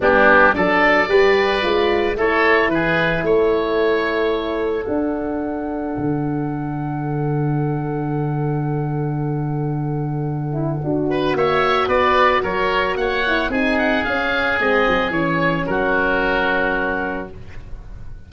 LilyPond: <<
  \new Staff \with { instrumentName = "oboe" } { \time 4/4 \tempo 4 = 111 g'4 d''2. | cis''4 b'4 cis''2~ | cis''4 fis''2.~ | fis''1~ |
fis''1~ | fis''4 e''4 d''4 cis''4 | fis''4 gis''8 fis''8 f''4 dis''4 | cis''4 ais'2. | }
  \new Staff \with { instrumentName = "oboe" } { \time 4/4 d'4 a'4 b'2 | a'4 gis'4 a'2~ | a'1~ | a'1~ |
a'1~ | a'8 b'8 cis''4 b'4 ais'4 | cis''4 gis'2.~ | gis'4 fis'2. | }
  \new Staff \with { instrumentName = "horn" } { \time 4/4 b4 d'4 g'4 f'4 | e'1~ | e'4 d'2.~ | d'1~ |
d'2.~ d'8 e'8 | fis'1~ | fis'8 e'8 dis'4 cis'4 c'4 | cis'1 | }
  \new Staff \with { instrumentName = "tuba" } { \time 4/4 g4 fis4 g4 gis4 | a4 e4 a2~ | a4 d'2 d4~ | d1~ |
d1 | d'4 ais4 b4 fis4 | ais4 c'4 cis'4 gis8 fis8 | e4 fis2. | }
>>